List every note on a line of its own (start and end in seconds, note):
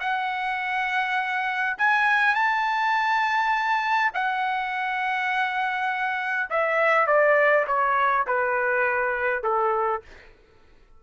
0.00 1.76 F#5
1.78 2.35 G#5
2.35 4.11 A5
4.14 6.49 F#5
6.50 7.07 E5
7.07 7.66 D5
7.67 8.26 C#5
8.27 9.43 B4
9.43 10.02 A4